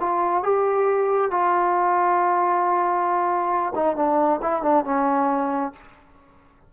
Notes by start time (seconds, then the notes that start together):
0.00 F4
0.43 G4
1.31 F4
3.75 D#4
3.96 D4
4.42 E4
4.62 D4
4.84 C#4